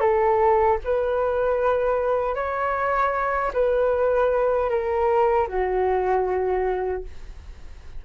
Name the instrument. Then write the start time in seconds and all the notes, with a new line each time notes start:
flute
0.00 A4
0.84 B4
2.35 C#5
3.53 B4
4.69 A#4
5.48 F#4